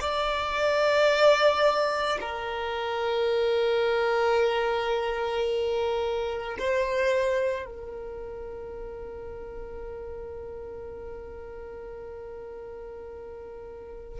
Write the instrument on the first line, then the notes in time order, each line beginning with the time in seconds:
violin
0.00 D5
2.20 A#4
6.59 C5
7.65 A#4